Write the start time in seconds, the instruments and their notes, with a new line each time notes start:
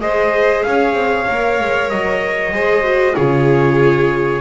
0.00 double bass G#3, viola G#4, violin C5, trumpet D#5
0.63 double bass C#4, violin C#5, trumpet F5
0.92 double bass C4
1.27 double bass A#3, viola A#4
1.60 double bass G#3
1.89 double bass F#3, trumpet D#5
2.51 double bass G#3, viola G#4, violin C5
2.83 viola F#4
3.15 double bass C#3, viola F4, violin G#4, trumpet C#5